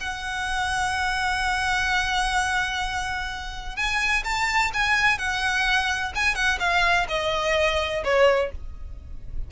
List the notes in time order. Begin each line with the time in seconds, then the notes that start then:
0.00 F#5
3.76 G#5
4.24 A5
4.73 G#5
5.18 F#5
6.15 G#5
6.35 F#5
6.59 F5
7.09 D#5
8.04 C#5